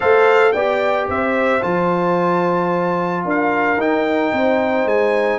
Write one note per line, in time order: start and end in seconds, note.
0.00 0.53 A3
0.00 0.54 A4
0.00 0.53 C5
0.00 0.52 F5
0.52 1.08 B3
0.52 1.61 G4
0.52 1.07 D5
0.52 1.06 G5
1.08 1.62 C4
1.08 3.24 C5
1.08 1.62 E5
1.61 3.24 F3
1.61 3.77 F4
1.61 3.25 A5
3.24 3.76 D4
3.24 4.32 A#4
3.24 3.80 F5
3.76 4.30 D#4
3.76 5.39 D#4
3.76 4.87 G5
4.33 4.85 C4
4.33 5.39 C5
4.85 5.39 G#3
4.85 5.39 G#5